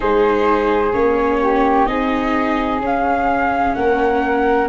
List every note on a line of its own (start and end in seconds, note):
0.00 0.94 G#3
0.00 0.90 D#4
0.00 1.39 G#4
0.00 0.93 C5
0.93 1.86 A#3
0.93 1.86 C#4
0.93 1.86 C#5
1.41 1.88 G4
1.86 2.80 C4
1.86 2.80 D#4
1.86 3.76 G#4
1.86 2.79 D#5
2.80 3.73 C#4
2.80 4.68 C#4
2.80 3.74 F5
3.74 4.68 A#3
3.74 4.68 A#4
3.74 4.68 F#5